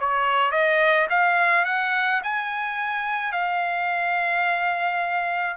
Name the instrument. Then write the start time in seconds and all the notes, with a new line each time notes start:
trumpet
0.00 C#5
0.52 D#5
1.10 F5
1.65 F#5
2.24 G#5
3.33 F5